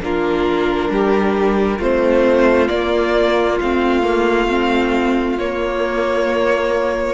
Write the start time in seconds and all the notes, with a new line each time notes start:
0.00 A#3 D4 F4 A#4
0.89 G3 G4
1.79 A3 C4 F4 C5
2.67 A#3 D5
3.61 A3 C4 F5
4.03 A#3
4.49 C4
5.39 A#3 C#5